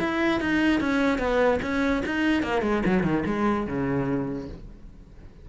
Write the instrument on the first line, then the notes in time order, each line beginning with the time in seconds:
cello
0.00 E4
0.41 D#4
0.81 C#4
1.19 B3
1.62 C#4
2.06 D#4
2.43 A#3
2.62 G#3
2.86 F#3
3.04 D#3
3.26 G#3
3.67 C#3